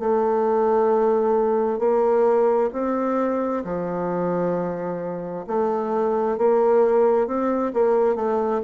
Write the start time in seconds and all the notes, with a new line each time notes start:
0.00 A3
1.79 A#3
2.73 C4
3.64 F3
5.47 A3
6.38 A#3
7.27 C4
7.74 A#3
8.16 A3